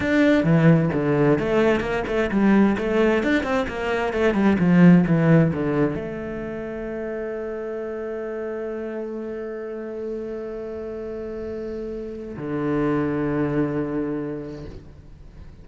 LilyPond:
\new Staff \with { instrumentName = "cello" } { \time 4/4 \tempo 4 = 131 d'4 e4 d4 a4 | ais8 a8 g4 a4 d'8 c'8 | ais4 a8 g8 f4 e4 | d4 a2.~ |
a1~ | a1~ | a2. d4~ | d1 | }